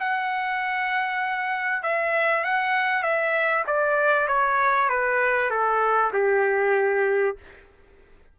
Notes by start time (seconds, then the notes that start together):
0.00 F#5
1.83 E5
2.44 F#5
3.03 E5
3.67 D5
4.28 C#5
4.90 B4
5.51 A4
6.13 G4